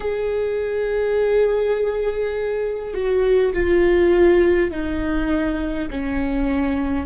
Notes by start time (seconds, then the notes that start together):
0.00 G#4
2.94 F#4
3.53 F4
4.71 D#4
5.90 C#4